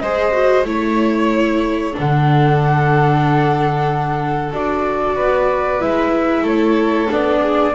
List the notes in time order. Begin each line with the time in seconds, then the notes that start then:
0.00 G#3 G#4 C5 D#5
0.33 F#4
0.65 A3 E4 C#5
1.93 D3 D4 A4 F#5
4.53 D4 F#4 D5
5.16 B3 B4
5.80 G#3 E4 E5
6.43 A3 A4 C#5
7.09 B3 D4 D5
7.43 G#4